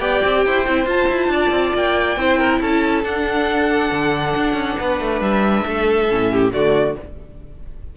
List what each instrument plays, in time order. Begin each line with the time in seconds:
0.00 cello B3, viola G4, violin D5 G5
0.24 cello C4
0.46 cello E4, violin C5
0.67 cello C4, viola E4
0.86 cello F4, viola F4, violin A5
1.09 cello E4
1.29 cello D4, violin D5
1.51 cello C4
1.74 cello A#3, violin G5
2.17 cello C4, viola E4, violin C5
2.38 violin A#4
2.61 cello C#4, violin A4 A5
3.04 cello D4, viola D4, violin F#5
3.92 cello D3
4.36 cello D4
4.54 cello C#4
4.79 cello B3, violin B4
5.00 cello A3
5.21 cello G3, violin E5
5.66 cello A3, violin A4
6.10 cello A2, viola C#4
6.33 violin G4
6.52 cello D3, viola A3, violin F#4 D5